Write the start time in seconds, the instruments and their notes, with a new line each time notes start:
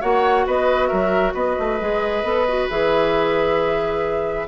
0.00 bassoon A#3, clarinet F#4, oboe C#5, flute F#5
0.46 bassoon B3, oboe B4, flute D#5
0.87 bassoon F#3, oboe A#4, flute E5
1.33 bassoon B3, oboe B4, flute D#5
1.58 bassoon A3
1.80 bassoon G#3, clarinet G#4
2.23 bassoon B3, clarinet A4
2.48 clarinet F#4
2.69 bassoon E3, clarinet G#4, flute E5